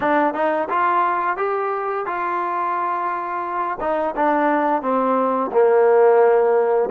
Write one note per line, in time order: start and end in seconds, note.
0.00 0.34 D4
0.34 0.68 D#4
0.69 1.36 F4
1.36 2.05 G4
2.05 3.78 F4
3.80 4.14 D#4
4.15 4.82 D4
4.82 5.50 C4
5.51 6.89 A#3